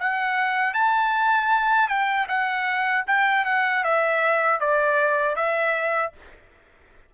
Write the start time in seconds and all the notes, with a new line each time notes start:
0.00 F#5
0.74 A5
1.89 G5
2.29 F#5
3.08 G5
3.45 F#5
3.84 E5
4.60 D5
5.36 E5